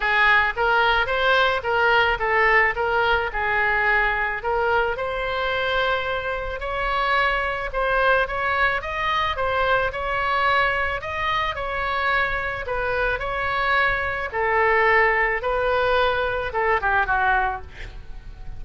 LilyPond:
\new Staff \with { instrumentName = "oboe" } { \time 4/4 \tempo 4 = 109 gis'4 ais'4 c''4 ais'4 | a'4 ais'4 gis'2 | ais'4 c''2. | cis''2 c''4 cis''4 |
dis''4 c''4 cis''2 | dis''4 cis''2 b'4 | cis''2 a'2 | b'2 a'8 g'8 fis'4 | }